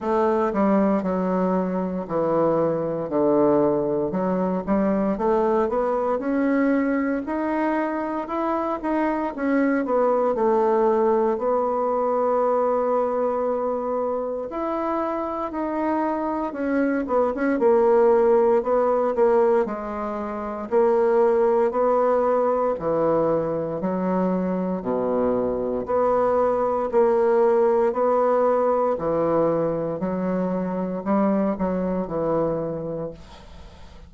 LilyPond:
\new Staff \with { instrumentName = "bassoon" } { \time 4/4 \tempo 4 = 58 a8 g8 fis4 e4 d4 | fis8 g8 a8 b8 cis'4 dis'4 | e'8 dis'8 cis'8 b8 a4 b4~ | b2 e'4 dis'4 |
cis'8 b16 cis'16 ais4 b8 ais8 gis4 | ais4 b4 e4 fis4 | b,4 b4 ais4 b4 | e4 fis4 g8 fis8 e4 | }